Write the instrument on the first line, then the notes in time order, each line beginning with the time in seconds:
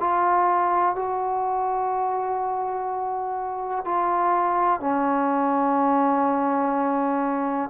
trombone
0.00 F4
0.95 F#4
3.85 F4
4.80 C#4